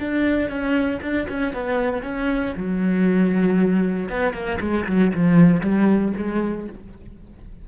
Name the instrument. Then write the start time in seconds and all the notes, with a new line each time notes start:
cello
0.00 D4
0.49 C#4
1.02 D4
1.29 C#4
1.54 B3
2.03 C#4
2.57 F#3
4.09 B3
4.33 A#3
4.61 G#3
4.87 F#3
5.14 F3
5.61 G3
6.17 G#3